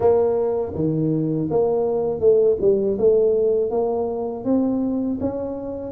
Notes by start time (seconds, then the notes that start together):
0.00 A#3
0.74 D#3
1.50 A#3
2.20 A3
2.60 G3
2.98 A3
3.70 A#3
4.44 C4
5.20 C#4